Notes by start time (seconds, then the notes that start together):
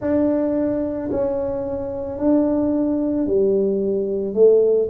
0.01 D4
1.11 C#4
2.18 D4
3.27 G3
4.33 A3